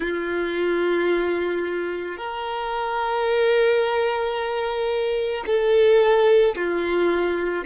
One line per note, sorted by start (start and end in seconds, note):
0.00 2.17 F4
2.17 5.44 A#4
5.46 6.55 A4
6.55 7.64 F4